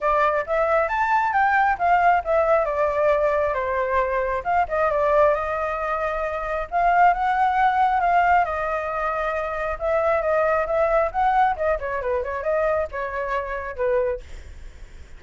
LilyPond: \new Staff \with { instrumentName = "flute" } { \time 4/4 \tempo 4 = 135 d''4 e''4 a''4 g''4 | f''4 e''4 d''2 | c''2 f''8 dis''8 d''4 | dis''2. f''4 |
fis''2 f''4 dis''4~ | dis''2 e''4 dis''4 | e''4 fis''4 dis''8 cis''8 b'8 cis''8 | dis''4 cis''2 b'4 | }